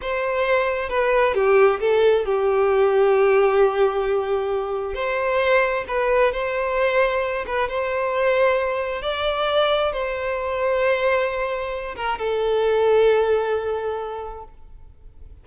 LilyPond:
\new Staff \with { instrumentName = "violin" } { \time 4/4 \tempo 4 = 133 c''2 b'4 g'4 | a'4 g'2.~ | g'2. c''4~ | c''4 b'4 c''2~ |
c''8 b'8 c''2. | d''2 c''2~ | c''2~ c''8 ais'8 a'4~ | a'1 | }